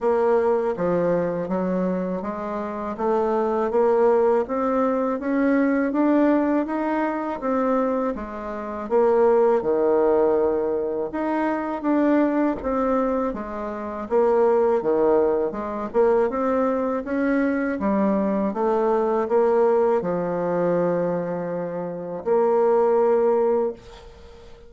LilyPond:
\new Staff \with { instrumentName = "bassoon" } { \time 4/4 \tempo 4 = 81 ais4 f4 fis4 gis4 | a4 ais4 c'4 cis'4 | d'4 dis'4 c'4 gis4 | ais4 dis2 dis'4 |
d'4 c'4 gis4 ais4 | dis4 gis8 ais8 c'4 cis'4 | g4 a4 ais4 f4~ | f2 ais2 | }